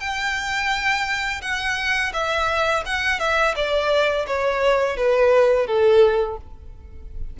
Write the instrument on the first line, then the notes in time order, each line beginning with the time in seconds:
violin
0.00 G5
1.42 F#5
2.13 E5
2.86 F#5
3.20 E5
3.56 D5
4.27 C#5
4.97 B4
5.67 A4